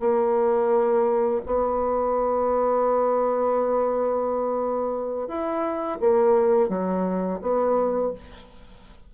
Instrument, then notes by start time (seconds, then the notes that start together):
bassoon
0.00 A#3
1.46 B3
5.28 E4
6.00 A#3
6.69 F#3
7.42 B3